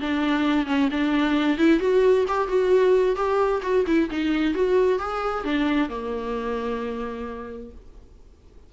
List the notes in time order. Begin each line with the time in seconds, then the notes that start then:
0.00 D4
0.66 C#4
0.91 D4
1.57 E4
1.80 F#4
2.27 G4
2.47 F#4
3.15 G4
3.62 F#4
3.87 E4
4.10 D#4
4.54 F#4
4.99 G#4
5.44 D4
5.89 A#3